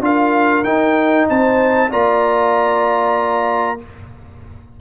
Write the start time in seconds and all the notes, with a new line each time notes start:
0.00 D4 F4 A#4 F5
0.63 D#4 G5
1.29 C4 C5 A5
1.90 A#3 F4 D5 A#5